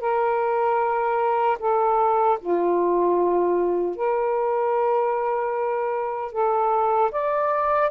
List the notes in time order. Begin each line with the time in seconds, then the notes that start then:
0.00 A#4
1.59 A4
2.40 F4
3.96 A#4
6.32 A4
7.11 D5